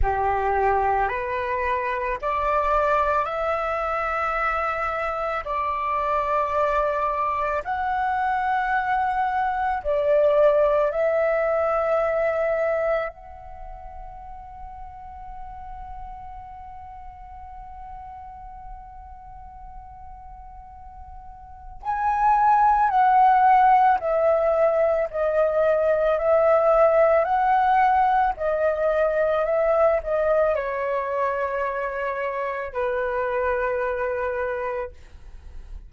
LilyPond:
\new Staff \with { instrumentName = "flute" } { \time 4/4 \tempo 4 = 55 g'4 b'4 d''4 e''4~ | e''4 d''2 fis''4~ | fis''4 d''4 e''2 | fis''1~ |
fis''1 | gis''4 fis''4 e''4 dis''4 | e''4 fis''4 dis''4 e''8 dis''8 | cis''2 b'2 | }